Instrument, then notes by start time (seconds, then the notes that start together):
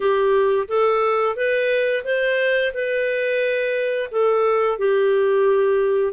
clarinet
0.00 G4
0.68 A4
1.35 B4
2.04 C5
2.73 B4
4.11 A4
4.78 G4